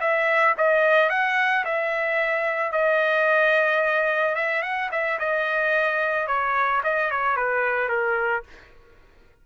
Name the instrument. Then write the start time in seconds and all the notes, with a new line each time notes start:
trumpet
0.00 E5
0.57 D#5
1.09 F#5
1.65 E5
2.72 D#5
4.35 E5
4.62 F#5
4.91 E5
5.19 D#5
6.27 C#5
6.83 D#5
7.11 C#5
7.36 B4
7.88 A#4